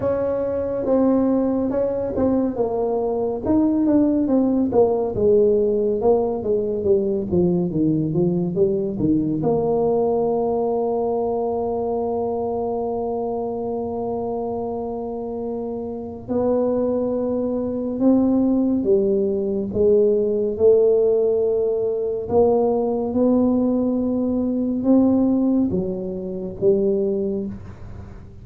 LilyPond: \new Staff \with { instrumentName = "tuba" } { \time 4/4 \tempo 4 = 70 cis'4 c'4 cis'8 c'8 ais4 | dis'8 d'8 c'8 ais8 gis4 ais8 gis8 | g8 f8 dis8 f8 g8 dis8 ais4~ | ais1~ |
ais2. b4~ | b4 c'4 g4 gis4 | a2 ais4 b4~ | b4 c'4 fis4 g4 | }